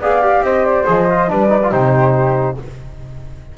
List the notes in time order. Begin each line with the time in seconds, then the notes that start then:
0.00 B3 G#4 D5 F5
0.22 G4
0.40 C4 C5 D#5
0.65 D5
0.86 F3 G#4 D#5
1.09 F4
1.28 G3 D4 B4 D5
1.49 D#4
1.63 F4
1.71 C3 D#4 G4 C5